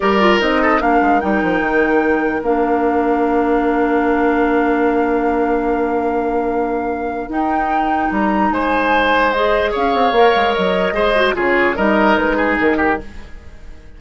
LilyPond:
<<
  \new Staff \with { instrumentName = "flute" } { \time 4/4 \tempo 4 = 148 d''4 dis''4 f''4 g''4~ | g''2 f''2~ | f''1~ | f''1~ |
f''2 g''2 | ais''4 gis''2 dis''4 | f''2 dis''2 | cis''4 dis''4 b'4 ais'4 | }
  \new Staff \with { instrumentName = "oboe" } { \time 4/4 ais'4. a'8 ais'2~ | ais'1~ | ais'1~ | ais'1~ |
ais'1~ | ais'4 c''2. | cis''2. c''4 | gis'4 ais'4. gis'4 g'8 | }
  \new Staff \with { instrumentName = "clarinet" } { \time 4/4 g'8 f'8 dis'4 d'4 dis'4~ | dis'2 d'2~ | d'1~ | d'1~ |
d'2 dis'2~ | dis'2. gis'4~ | gis'4 ais'2 gis'8 fis'8 | f'4 dis'2. | }
  \new Staff \with { instrumentName = "bassoon" } { \time 4/4 g4 c'4 ais8 gis8 g8 f8 | dis2 ais2~ | ais1~ | ais1~ |
ais2 dis'2 | g4 gis2. | cis'8 c'8 ais8 gis8 fis4 gis4 | cis4 g4 gis4 dis4 | }
>>